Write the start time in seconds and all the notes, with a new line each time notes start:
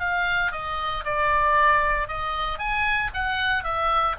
0.00 F5
0.52 D#5
1.05 D5
2.08 D#5
2.59 G#5
3.14 F#5
3.64 E5